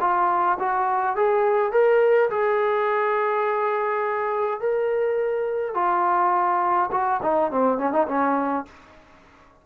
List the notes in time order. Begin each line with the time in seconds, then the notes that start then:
0.00 F4
0.59 F#4
1.16 G#4
1.72 A#4
2.30 G#4
4.60 A#4
5.74 F4
6.91 F#4
7.22 D#4
7.51 C4
7.78 C#4
7.92 D#4
8.07 C#4